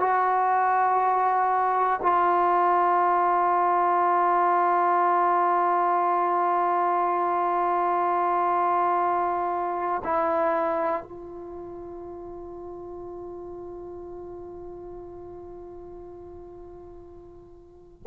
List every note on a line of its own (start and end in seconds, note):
0.00 2.00 F#4
2.03 10.03 F4
10.04 11.03 E4
11.03 18.03 F4